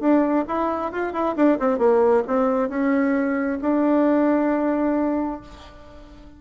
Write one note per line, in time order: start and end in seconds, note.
0.00 0.45 D4
0.47 0.92 E4
0.92 1.13 F4
1.13 1.35 E4
1.36 1.58 D4
1.59 1.78 C4
1.78 2.23 A#3
2.27 2.69 C4
2.69 3.59 C#4
3.61 5.41 D4